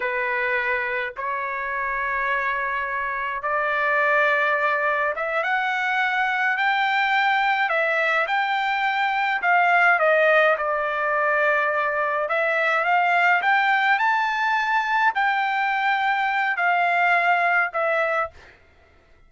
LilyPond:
\new Staff \with { instrumentName = "trumpet" } { \time 4/4 \tempo 4 = 105 b'2 cis''2~ | cis''2 d''2~ | d''4 e''8 fis''2 g''8~ | g''4. e''4 g''4.~ |
g''8 f''4 dis''4 d''4.~ | d''4. e''4 f''4 g''8~ | g''8 a''2 g''4.~ | g''4 f''2 e''4 | }